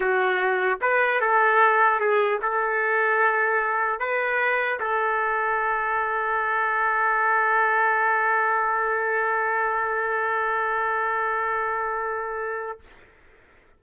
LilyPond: \new Staff \with { instrumentName = "trumpet" } { \time 4/4 \tempo 4 = 150 fis'2 b'4 a'4~ | a'4 gis'4 a'2~ | a'2 b'2 | a'1~ |
a'1~ | a'1~ | a'1~ | a'1 | }